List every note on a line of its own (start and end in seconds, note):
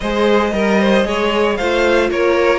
0.00 0.52 G#3
0.00 0.51 G#4
0.00 0.54 C5
0.00 1.56 D#5
0.51 1.05 G3
0.51 1.04 A#4
0.51 0.80 A#4
0.80 1.06 C5
1.04 1.58 G#3
1.04 1.56 G#4
1.04 1.57 C#5
1.56 2.10 A3
1.56 2.59 F4
1.56 2.10 C5
1.56 2.09 F5
2.10 2.59 A#3
2.10 2.59 A#4
2.10 2.59 C#5